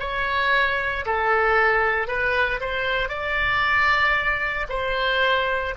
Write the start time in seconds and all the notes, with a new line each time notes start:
0.00 C#5
1.06 A4
2.08 B4
2.61 C5
3.09 D5
4.69 C5